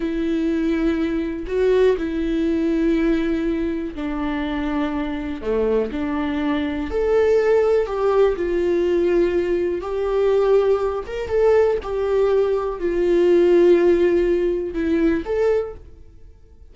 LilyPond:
\new Staff \with { instrumentName = "viola" } { \time 4/4 \tempo 4 = 122 e'2. fis'4 | e'1 | d'2. a4 | d'2 a'2 |
g'4 f'2. | g'2~ g'8 ais'8 a'4 | g'2 f'2~ | f'2 e'4 a'4 | }